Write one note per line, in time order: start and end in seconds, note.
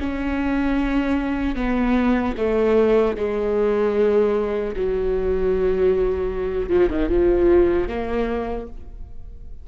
0.00 1.56 C#4
1.56 2.35 B3
2.38 3.17 A3
3.17 4.75 G#3
4.77 6.69 F#3
6.69 6.89 F3
6.90 7.09 D#3
7.09 7.88 F3
7.88 8.67 A#3